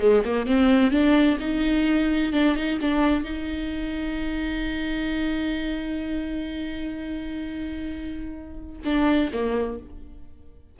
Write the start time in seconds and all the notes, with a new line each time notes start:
0.00 G#3
0.25 A#3
0.46 C4
0.91 D4
1.40 D#4
2.33 D4
2.56 D#4
2.81 D4
3.24 D#4
8.85 D4
9.33 A#3